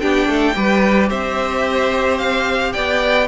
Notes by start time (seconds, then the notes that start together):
0.00 B3 D4 G4 G5
0.28 A3 A4
0.55 G3 G4 B4
1.09 C4 C5 E5
2.18 F5
2.73 B3 D5 G5